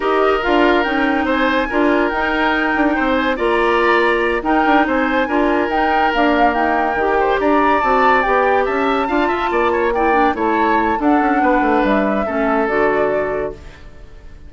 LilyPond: <<
  \new Staff \with { instrumentName = "flute" } { \time 4/4 \tempo 4 = 142 dis''4 f''4 g''4 gis''4~ | gis''4 g''2~ g''8 gis''8 | ais''2~ ais''8 g''4 gis''8~ | gis''4. g''4 f''4 g''8~ |
g''4. ais''4 a''4 g''8~ | g''8 a''2. g''8~ | g''8 a''4. fis''2 | e''2 d''2 | }
  \new Staff \with { instrumentName = "oboe" } { \time 4/4 ais'2. c''4 | ais'2. c''4 | d''2~ d''8 ais'4 c''8~ | c''8 ais'2.~ ais'8~ |
ais'4 c''8 d''2~ d''8~ | d''8 e''4 f''8 e''8 d''8 cis''8 d''8~ | d''8 cis''4. a'4 b'4~ | b'4 a'2. | }
  \new Staff \with { instrumentName = "clarinet" } { \time 4/4 g'4 f'4 dis'2 | f'4 dis'2. | f'2~ f'8 dis'4.~ | dis'8 f'4 dis'4 ais4.~ |
ais8 g'2 fis'4 g'8~ | g'4. f'2 e'8 | d'8 e'4. d'2~ | d'4 cis'4 fis'2 | }
  \new Staff \with { instrumentName = "bassoon" } { \time 4/4 dis'4 d'4 cis'4 c'4 | d'4 dis'4. d'8 c'4 | ais2~ ais8 dis'8 d'8 c'8~ | c'8 d'4 dis'4 d'4 dis'8~ |
dis'8 dis4 d'4 c'4 b8~ | b8 cis'4 d'8 f'8 ais4.~ | ais8 a4. d'8 cis'8 b8 a8 | g4 a4 d2 | }
>>